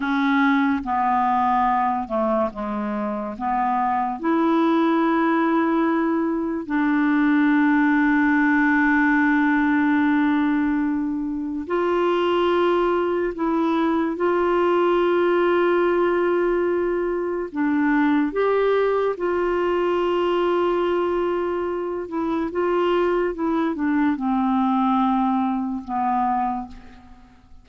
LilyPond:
\new Staff \with { instrumentName = "clarinet" } { \time 4/4 \tempo 4 = 72 cis'4 b4. a8 gis4 | b4 e'2. | d'1~ | d'2 f'2 |
e'4 f'2.~ | f'4 d'4 g'4 f'4~ | f'2~ f'8 e'8 f'4 | e'8 d'8 c'2 b4 | }